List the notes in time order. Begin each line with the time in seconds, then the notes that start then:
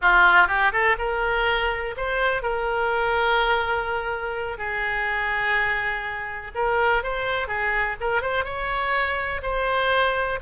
0.01 F4
0.47 G4
0.72 A4
0.98 A#4
1.97 C5
2.42 A#4
4.57 G#4
6.55 A#4
7.03 C5
7.47 G#4
8.00 A#4
8.21 C5
8.44 C#5
9.42 C5